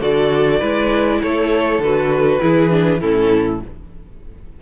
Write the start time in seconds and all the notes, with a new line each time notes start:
0.00 D3 F#4 A4 D5
0.59 G#3 E4 B4
1.21 A3 A4 C#5
1.78 D3 F#4 B4
2.40 E3 E4 G#4
2.69 D4
3.00 A2 C#4 E4 A4